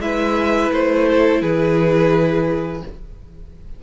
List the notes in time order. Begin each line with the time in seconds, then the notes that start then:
0.00 G#3 E4 B4 E5
0.71 A3 C5
1.09 A4
1.41 E3 G#4 B4